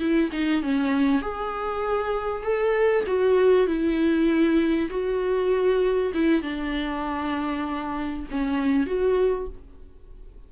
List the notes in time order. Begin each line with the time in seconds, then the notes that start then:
0.00 E4
0.33 D#4
0.63 C#4
1.22 G#4
2.44 A4
3.08 F#4
3.67 E4
4.91 F#4
6.15 E4
6.43 D4
8.31 C#4
8.87 F#4